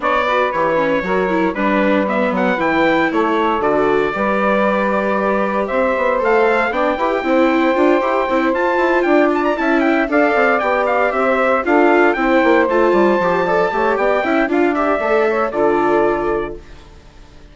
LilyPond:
<<
  \new Staff \with { instrumentName = "trumpet" } { \time 4/4 \tempo 4 = 116 d''4 cis''2 b'4 | e''8 fis''8 g''4 cis''4 d''4~ | d''2. e''4 | f''4 g''2.~ |
g''8 a''4 g''8 a''16 ais''16 a''8 g''8 f''8~ | f''8 g''8 f''8 e''4 f''4 g''8~ | g''8 a''2~ a''8 g''4 | f''8 e''4. d''2 | }
  \new Staff \with { instrumentName = "saxophone" } { \time 4/4 cis''8 b'4. ais'4 b'4~ | b'2 a'2 | b'2. c''4~ | c''4 d''8 b'8 c''2~ |
c''4. d''4 e''4 d''8~ | d''4. c''4 a'4 c''8~ | c''2 d''8 cis''8 d''8 e''8 | d''4. cis''8 a'2 | }
  \new Staff \with { instrumentName = "viola" } { \time 4/4 d'8 fis'8 g'8 cis'8 fis'8 e'8 d'4 | b4 e'2 fis'4 | g'1 | a'4 d'8 g'8 e'4 f'8 g'8 |
e'8 f'2 e'4 a'8~ | a'8 g'2 f'4 e'8~ | e'8 f'4 g'8 a'8 g'4 e'8 | f'8 g'8 a'4 f'2 | }
  \new Staff \with { instrumentName = "bassoon" } { \time 4/4 b4 e4 fis4 g4~ | g8 fis8 e4 a4 d4 | g2. c'8 b8 | a4 b8 e'8 c'4 d'8 e'8 |
c'8 f'8 e'8 d'4 cis'4 d'8 | c'8 b4 c'4 d'4 c'8 | ais8 a8 g8 f4 a8 b8 cis'8 | d'4 a4 d2 | }
>>